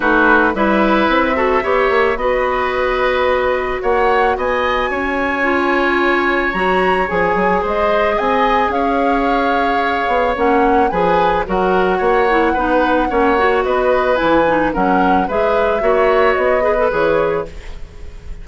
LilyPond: <<
  \new Staff \with { instrumentName = "flute" } { \time 4/4 \tempo 4 = 110 b'4 e''2. | dis''2. fis''4 | gis''1 | ais''4 gis''4 dis''4 gis''4 |
f''2. fis''4 | gis''4 fis''2.~ | fis''4 dis''4 gis''4 fis''4 | e''2 dis''4 cis''4 | }
  \new Staff \with { instrumentName = "oboe" } { \time 4/4 fis'4 b'4. a'8 cis''4 | b'2. cis''4 | dis''4 cis''2.~ | cis''2 c''4 dis''4 |
cis''1 | b'4 ais'4 cis''4 b'4 | cis''4 b'2 ais'4 | b'4 cis''4. b'4. | }
  \new Staff \with { instrumentName = "clarinet" } { \time 4/4 dis'4 e'4. fis'8 g'4 | fis'1~ | fis'2 f'2 | fis'4 gis'2.~ |
gis'2. cis'4 | gis'4 fis'4. e'8 dis'4 | cis'8 fis'4. e'8 dis'8 cis'4 | gis'4 fis'4. gis'16 a'16 gis'4 | }
  \new Staff \with { instrumentName = "bassoon" } { \time 4/4 a4 g4 c'4 b8 ais8 | b2. ais4 | b4 cis'2. | fis4 f8 fis8 gis4 c'4 |
cis'2~ cis'8 b8 ais4 | f4 fis4 ais4 b4 | ais4 b4 e4 fis4 | gis4 ais4 b4 e4 | }
>>